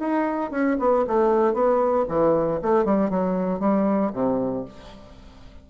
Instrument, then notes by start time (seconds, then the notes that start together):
bassoon
0.00 D#4
0.51 C#4
0.80 B3
1.08 A3
1.54 B3
2.09 E3
2.62 A3
2.85 G3
3.11 F#3
3.60 G3
4.13 C3